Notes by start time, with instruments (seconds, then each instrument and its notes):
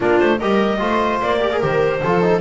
0.00 double bass A#3, trombone D4, viola F4, clarinet A#4
0.19 double bass A3, clarinet C5
0.39 double bass G3, trombone G4, viola A#4, clarinet D#5
0.78 double bass A3, trombone F4, viola C5
1.21 double bass A#3, clarinet D5
1.40 trombone G4, viola A#4
1.51 trombone G#4
1.60 double bass D#3, trombone G4, clarinet C5
2.03 double bass F3, trombone F4, viola A4
2.21 trombone D#4